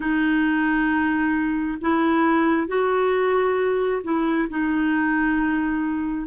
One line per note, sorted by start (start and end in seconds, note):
0.00 1.78 D#4
1.81 2.67 E4
2.67 4.01 F#4
4.03 4.48 E4
4.49 6.27 D#4